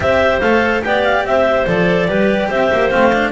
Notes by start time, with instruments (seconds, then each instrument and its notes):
0.00 double bass C4, cello G4, clarinet C5 E5
0.40 double bass A3, cello A4, clarinet F5
0.81 double bass B3, cello G4, clarinet D5 G5
1.03 clarinet F5
1.24 double bass C4, clarinet C5 E5
1.66 double bass F3, cello A4, clarinet D5
2.08 double bass G3, cello G4, clarinet B4
2.48 double bass C4, clarinet C5 E5
2.72 double bass A#3
2.89 double bass A3, cello C4, clarinet F5
3.13 cello D4